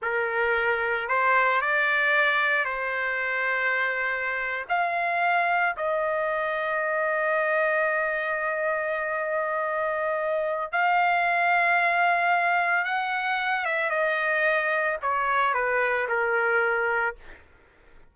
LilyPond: \new Staff \with { instrumentName = "trumpet" } { \time 4/4 \tempo 4 = 112 ais'2 c''4 d''4~ | d''4 c''2.~ | c''8. f''2 dis''4~ dis''16~ | dis''1~ |
dis''1 | f''1 | fis''4. e''8 dis''2 | cis''4 b'4 ais'2 | }